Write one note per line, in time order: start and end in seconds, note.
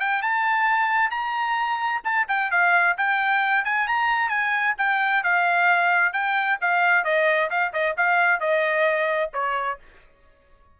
0.00 0.22 G5
0.22 1.11 A5
1.11 2.02 A#5
2.05 2.27 A5
2.29 2.51 G5
2.51 2.97 F5
2.98 3.65 G5
3.65 3.87 G#5
3.88 4.29 A#5
4.29 4.75 G#5
4.78 5.23 G5
5.24 6.13 F5
6.13 6.58 G5
6.61 7.04 F5
7.04 7.50 D#5
7.50 7.73 F5
7.73 7.96 D#5
7.97 8.40 F5
8.40 9.31 D#5
9.34 9.79 C#5